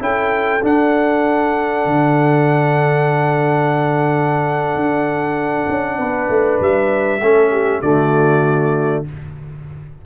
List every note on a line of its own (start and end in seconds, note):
0.00 0.62 C#4
0.00 0.61 E4
0.00 5.99 A4
0.00 0.64 G5
0.63 7.21 D4
0.63 1.86 D4
0.63 6.63 F#5
1.86 4.76 D3
4.76 5.68 D4
5.69 5.99 C#4
5.99 6.29 B3
5.99 7.21 B4
6.30 6.60 A3
6.61 7.21 G3
6.61 7.82 E5
7.21 7.82 A3
7.21 7.84 C#4
7.21 7.51 A4
7.51 7.82 G4
7.82 9.05 D3
7.82 9.06 A3
7.82 9.06 F#4
7.82 9.04 D5